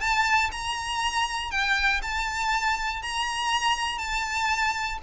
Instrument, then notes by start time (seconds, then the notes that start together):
violin
0.00 A5
0.52 A#5
1.51 G5
2.02 A5
3.02 A#5
3.98 A5